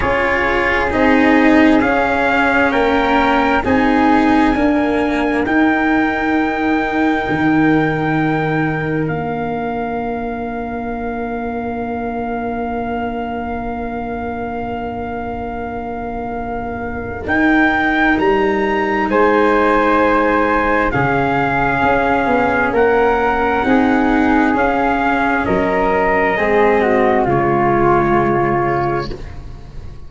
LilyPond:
<<
  \new Staff \with { instrumentName = "trumpet" } { \time 4/4 \tempo 4 = 66 cis''4 dis''4 f''4 g''4 | gis''2 g''2~ | g''2 f''2~ | f''1~ |
f''2. g''4 | ais''4 gis''2 f''4~ | f''4 fis''2 f''4 | dis''2 cis''2 | }
  \new Staff \with { instrumentName = "flute" } { \time 4/4 gis'2. ais'4 | gis'4 ais'2.~ | ais'1~ | ais'1~ |
ais'1~ | ais'4 c''2 gis'4~ | gis'4 ais'4 gis'2 | ais'4 gis'8 fis'8 f'2 | }
  \new Staff \with { instrumentName = "cello" } { \time 4/4 f'4 dis'4 cis'2 | dis'4 ais4 dis'2~ | dis'2 d'2~ | d'1~ |
d'2. dis'4~ | dis'2. cis'4~ | cis'2 dis'4 cis'4~ | cis'4 c'4 gis2 | }
  \new Staff \with { instrumentName = "tuba" } { \time 4/4 cis'4 c'4 cis'4 ais4 | c'4 d'4 dis'2 | dis2 ais2~ | ais1~ |
ais2. dis'4 | g4 gis2 cis4 | cis'8 b8 ais4 c'4 cis'4 | fis4 gis4 cis2 | }
>>